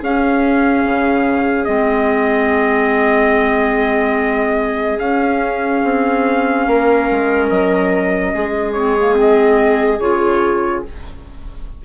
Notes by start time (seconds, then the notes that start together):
0.00 C#4 G#4 F5
0.83 C#3
1.64 G#3 C4 D#5
4.98 C#4 F5
5.83 C4
6.66 A#3 A#4
7.10 G#3
7.49 F#3 D#5
8.34 G#3 G#4
8.73 C4 C#5
8.98 A#3
9.14 C4
9.20 D#5
9.99 C#3 F4 C#5